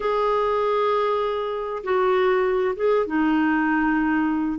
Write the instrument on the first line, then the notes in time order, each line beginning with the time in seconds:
clarinet
0.00 G#4
1.83 F#4
2.76 G#4
3.06 D#4